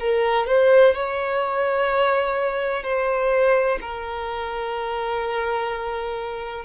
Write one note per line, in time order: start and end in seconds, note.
0.00 0.47 A#4
0.47 0.95 C5
0.95 2.84 C#5
2.84 3.79 C5
3.82 6.65 A#4